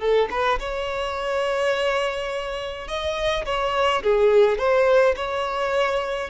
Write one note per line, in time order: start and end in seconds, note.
0.00 0.29 A4
0.31 0.59 B4
0.60 2.88 C#5
2.88 3.45 D#5
3.45 4.03 C#5
4.03 4.58 G#4
4.58 5.15 C5
5.16 6.30 C#5